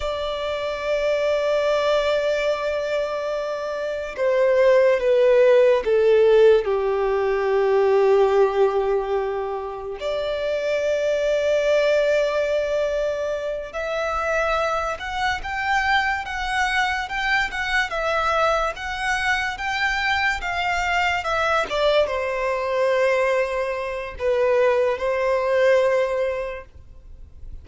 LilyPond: \new Staff \with { instrumentName = "violin" } { \time 4/4 \tempo 4 = 72 d''1~ | d''4 c''4 b'4 a'4 | g'1 | d''1~ |
d''8 e''4. fis''8 g''4 fis''8~ | fis''8 g''8 fis''8 e''4 fis''4 g''8~ | g''8 f''4 e''8 d''8 c''4.~ | c''4 b'4 c''2 | }